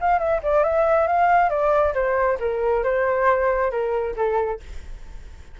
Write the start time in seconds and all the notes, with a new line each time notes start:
0.00 F5
0.19 E5
0.42 D5
0.63 E5
1.07 F5
1.50 D5
1.94 C5
2.39 A#4
2.83 C5
3.71 A#4
4.16 A4